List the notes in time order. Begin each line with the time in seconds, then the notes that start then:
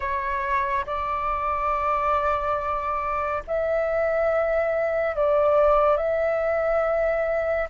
0.00 C#5
0.86 D5
3.47 E5
5.15 D5
5.96 E5